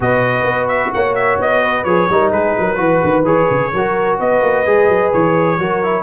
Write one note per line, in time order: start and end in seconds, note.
0.00 0.43 B2
0.00 1.85 F#4
0.00 0.94 B4
0.00 0.68 D#5
0.43 0.90 B3
0.68 0.91 E5
0.93 1.38 A#3
0.93 1.62 C#5
0.93 1.15 F#5
1.15 1.38 E5
1.38 1.84 B3
1.38 1.84 D#5
1.62 2.09 B4
1.84 2.07 F3
1.84 2.09 G#4
1.84 2.30 C#5
2.09 2.31 G3
2.09 2.75 D#4
2.09 2.32 A#4
2.31 2.54 G#3
2.31 2.55 G#4
2.31 3.25 B4
2.59 2.78 F#3
2.59 2.78 A#4
2.75 3.02 E3
2.75 3.22 F#4
2.75 3.71 B4
3.03 3.23 D#3
3.23 3.47 E3
3.23 3.72 G#4
3.23 4.19 C#5
3.50 3.73 C#3
3.72 4.19 F#3
3.72 4.65 F#4
3.72 4.19 A#4
4.19 4.41 B3
4.19 5.58 B4
4.19 5.12 D#5
4.41 4.64 A#3
4.65 4.87 G#3
4.65 5.58 G#4
4.87 5.11 F#3
5.12 5.58 E3
5.12 6.02 C#5
5.58 6.02 F#3
5.58 5.83 F#4
5.58 6.02 A#4
5.83 6.02 E4